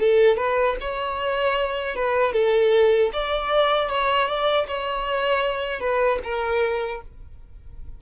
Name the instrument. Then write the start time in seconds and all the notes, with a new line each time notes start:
violin
0.00 A4
0.37 B4
0.81 C#5
1.96 B4
2.33 A4
3.13 D5
3.89 C#5
4.28 D5
4.67 C#5
5.80 B4
6.24 A#4